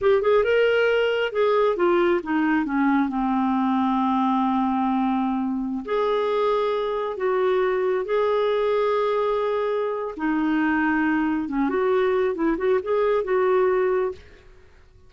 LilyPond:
\new Staff \with { instrumentName = "clarinet" } { \time 4/4 \tempo 4 = 136 g'8 gis'8 ais'2 gis'4 | f'4 dis'4 cis'4 c'4~ | c'1~ | c'4~ c'16 gis'2~ gis'8.~ |
gis'16 fis'2 gis'4.~ gis'16~ | gis'2. dis'4~ | dis'2 cis'8 fis'4. | e'8 fis'8 gis'4 fis'2 | }